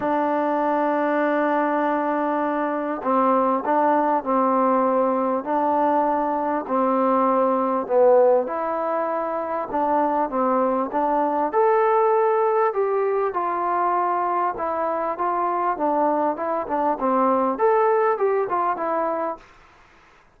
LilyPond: \new Staff \with { instrumentName = "trombone" } { \time 4/4 \tempo 4 = 99 d'1~ | d'4 c'4 d'4 c'4~ | c'4 d'2 c'4~ | c'4 b4 e'2 |
d'4 c'4 d'4 a'4~ | a'4 g'4 f'2 | e'4 f'4 d'4 e'8 d'8 | c'4 a'4 g'8 f'8 e'4 | }